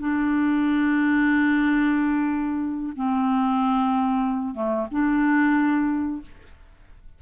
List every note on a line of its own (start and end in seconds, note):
0.00 2.93 D4
2.96 4.54 C4
4.54 4.87 A3
4.92 6.22 D4